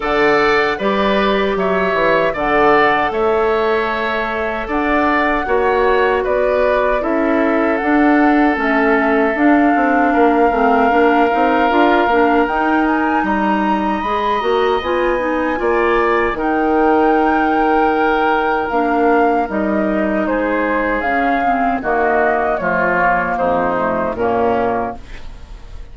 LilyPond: <<
  \new Staff \with { instrumentName = "flute" } { \time 4/4 \tempo 4 = 77 fis''4 d''4 e''4 fis''4 | e''2 fis''2 | d''4 e''4 fis''4 e''4 | f''1 |
g''8 gis''8 ais''4 b''8 ais''8 gis''4~ | gis''4 g''2. | f''4 dis''4 c''4 f''4 | dis''4 cis''4 c''4 ais'4 | }
  \new Staff \with { instrumentName = "oboe" } { \time 4/4 d''4 b'4 cis''4 d''4 | cis''2 d''4 cis''4 | b'4 a'2.~ | a'4 ais'2.~ |
ais'4 dis''2. | d''4 ais'2.~ | ais'2 gis'2 | fis'4 f'4 dis'4 cis'4 | }
  \new Staff \with { instrumentName = "clarinet" } { \time 4/4 a'4 g'2 a'4~ | a'2. fis'4~ | fis'4 e'4 d'4 cis'4 | d'4. c'8 d'8 dis'8 f'8 d'8 |
dis'2 gis'8 fis'8 f'8 dis'8 | f'4 dis'2. | d'4 dis'2 cis'8 c'8 | ais4 a8 ais4 a8 ais4 | }
  \new Staff \with { instrumentName = "bassoon" } { \time 4/4 d4 g4 fis8 e8 d4 | a2 d'4 ais4 | b4 cis'4 d'4 a4 | d'8 c'8 ais8 a8 ais8 c'8 d'8 ais8 |
dis'4 g4 gis8 ais8 b4 | ais4 dis2. | ais4 g4 gis4 cis4 | dis4 f4 f,4 ais,4 | }
>>